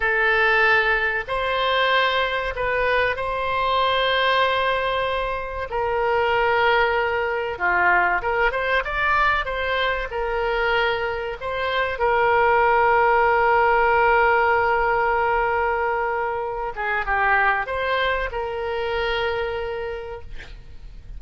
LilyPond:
\new Staff \with { instrumentName = "oboe" } { \time 4/4 \tempo 4 = 95 a'2 c''2 | b'4 c''2.~ | c''4 ais'2. | f'4 ais'8 c''8 d''4 c''4 |
ais'2 c''4 ais'4~ | ais'1~ | ais'2~ ais'8 gis'8 g'4 | c''4 ais'2. | }